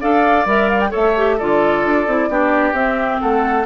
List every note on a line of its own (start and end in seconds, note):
0.00 0.45 D4
0.00 0.46 A4
0.00 0.90 D5
0.00 0.46 F5
0.45 0.91 G3
0.45 0.90 A#4
0.45 0.69 E5
0.69 0.80 F5
0.80 0.91 G5
0.90 1.40 A3
0.90 1.12 A4
0.90 1.36 C#5
0.90 1.39 E5
1.16 1.39 G4
1.37 1.84 D3
1.37 2.07 F4
1.37 2.29 A4
1.37 2.73 D5
1.84 2.07 D4
2.07 2.28 C4
2.07 2.29 E4
2.28 2.72 B3
2.28 2.74 D4
2.28 3.21 G4
2.72 3.18 C4
2.72 3.65 C4
2.72 3.19 E5
3.20 3.65 A3
3.20 3.65 A4
3.20 3.65 F#5